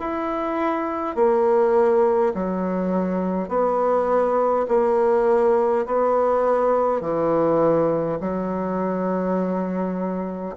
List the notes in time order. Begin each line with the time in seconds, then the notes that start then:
0.00 E4
1.16 A#3
2.34 F#3
3.49 B3
4.68 A#3
5.86 B3
7.01 E3
8.20 F#3